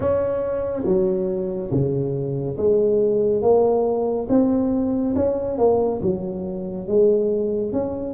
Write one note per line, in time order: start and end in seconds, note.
0.00 0.83 C#4
0.84 1.70 F#3
1.71 2.56 C#3
2.57 3.41 G#3
3.41 4.27 A#3
4.29 5.14 C4
5.15 5.58 C#4
5.58 6.00 A#3
6.02 6.87 F#3
6.87 7.72 G#3
7.72 8.14 C#4